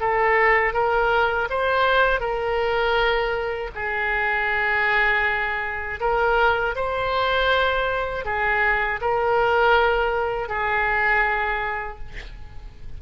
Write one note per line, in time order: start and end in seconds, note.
0.00 0.73 A4
0.73 1.48 A#4
1.50 2.20 C5
2.20 3.70 A#4
3.75 6.00 G#4
6.00 6.75 A#4
6.75 8.25 C5
8.25 9.00 G#4
9.01 10.49 A#4
10.49 11.99 G#4